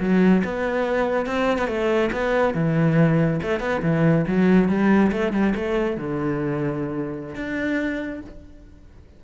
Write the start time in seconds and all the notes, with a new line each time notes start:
0.00 F#3
0.44 B3
1.26 C4
1.58 B3
1.68 A3
2.12 B3
2.54 E3
3.43 A3
3.60 B3
3.82 E3
4.27 F#3
4.69 G3
5.12 A3
5.33 G3
5.55 A3
5.97 D3
7.35 D4